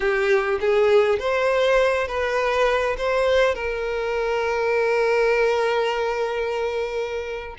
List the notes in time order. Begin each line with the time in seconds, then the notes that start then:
0.00 G4
0.60 G#4
1.19 C5
2.07 B4
2.97 C5
3.54 A#4